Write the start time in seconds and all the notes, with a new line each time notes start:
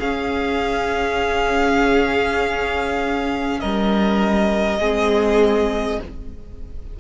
0.00 C#4 G#4 F5
3.60 G3 A#4 D#5
4.79 G#3 C4 G#4